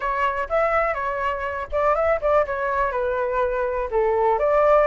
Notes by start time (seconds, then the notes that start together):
0.00 C#5
0.49 E5
0.94 C#5
1.72 D5
1.95 E5
2.21 D5
2.45 C#5
2.91 B4
3.90 A4
4.38 D5